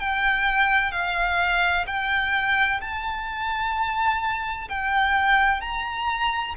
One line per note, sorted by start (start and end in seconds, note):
0.00 0.92 G5
0.92 1.86 F5
1.87 2.81 G5
2.81 4.69 A5
4.69 5.61 G5
5.61 6.55 A#5